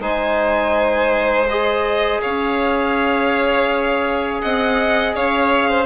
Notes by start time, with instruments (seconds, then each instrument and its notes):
0.00 bassoon G#3, trombone D#4, violin C5 G#5
1.48 trombone G#4, violin D#5
2.22 bassoon C#4, violin C#5 F5
4.41 bassoon C4, violin D#5 F#5
5.15 bassoon C#4, violin C#5 F5
5.70 violin C5